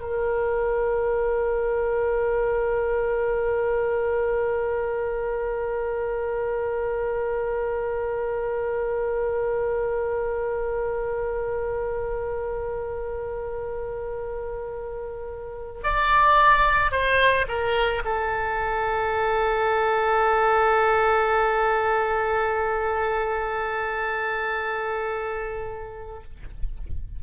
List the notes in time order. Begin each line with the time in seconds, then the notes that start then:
0.00 A#4
15.83 D5
16.91 C5
17.48 A#4
18.05 A4